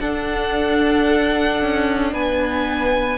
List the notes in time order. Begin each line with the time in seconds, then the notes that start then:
0.00 D4 A4 F#5
1.62 C#4
2.13 B3 B4 G#5